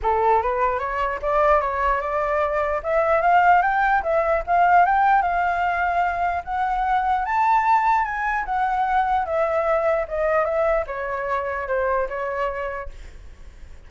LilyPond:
\new Staff \with { instrumentName = "flute" } { \time 4/4 \tempo 4 = 149 a'4 b'4 cis''4 d''4 | cis''4 d''2 e''4 | f''4 g''4 e''4 f''4 | g''4 f''2. |
fis''2 a''2 | gis''4 fis''2 e''4~ | e''4 dis''4 e''4 cis''4~ | cis''4 c''4 cis''2 | }